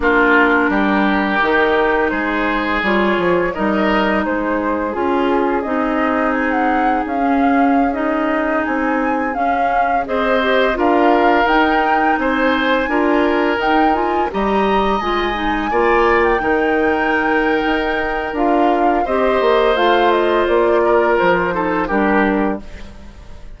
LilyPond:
<<
  \new Staff \with { instrumentName = "flute" } { \time 4/4 \tempo 4 = 85 ais'2. c''4 | cis''4 dis''4 c''4 gis'4 | dis''4 gis''16 fis''8. f''4~ f''16 dis''8.~ | dis''16 gis''4 f''4 dis''4 f''8.~ |
f''16 g''4 gis''2 g''8 gis''16~ | gis''16 ais''4 gis''4.~ gis''16 g''4~ | g''2 f''4 dis''4 | f''8 dis''8 d''4 c''4 ais'4 | }
  \new Staff \with { instrumentName = "oboe" } { \time 4/4 f'4 g'2 gis'4~ | gis'4 ais'4 gis'2~ | gis'1~ | gis'2~ gis'16 c''4 ais'8.~ |
ais'4~ ais'16 c''4 ais'4.~ ais'16~ | ais'16 dis''2 d''4 ais'8.~ | ais'2. c''4~ | c''4. ais'4 a'8 g'4 | }
  \new Staff \with { instrumentName = "clarinet" } { \time 4/4 d'2 dis'2 | f'4 dis'2 f'4 | dis'2~ dis'16 cis'4 dis'8.~ | dis'4~ dis'16 cis'4 gis'8 g'8 f'8.~ |
f'16 dis'2 f'4 dis'8 f'16~ | f'16 g'4 f'8 dis'8 f'4 dis'8.~ | dis'2 f'4 g'4 | f'2~ f'8 dis'8 d'4 | }
  \new Staff \with { instrumentName = "bassoon" } { \time 4/4 ais4 g4 dis4 gis4 | g8 f8 g4 gis4 cis'4 | c'2 cis'2~ | cis'16 c'4 cis'4 c'4 d'8.~ |
d'16 dis'4 c'4 d'4 dis'8.~ | dis'16 g4 gis4 ais4 dis8.~ | dis4 dis'4 d'4 c'8 ais8 | a4 ais4 f4 g4 | }
>>